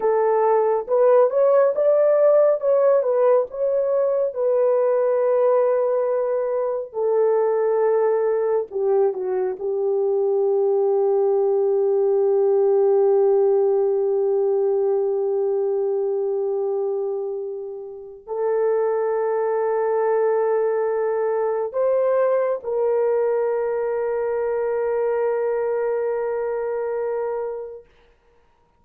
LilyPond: \new Staff \with { instrumentName = "horn" } { \time 4/4 \tempo 4 = 69 a'4 b'8 cis''8 d''4 cis''8 b'8 | cis''4 b'2. | a'2 g'8 fis'8 g'4~ | g'1~ |
g'1~ | g'4 a'2.~ | a'4 c''4 ais'2~ | ais'1 | }